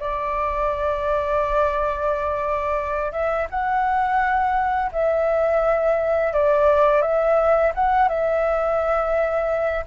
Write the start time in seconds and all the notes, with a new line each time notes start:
0.00 D5
3.13 E5
3.50 F#5
4.93 E5
6.33 D5
7.02 E5
7.75 F#5
8.09 E5